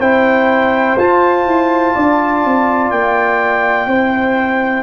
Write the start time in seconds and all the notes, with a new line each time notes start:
0.00 C4 E4 C5 G5
0.98 F4 A5
1.47 E4
1.96 D4 D5
2.45 C4
2.91 A#3 G5
3.86 C4 E4 C5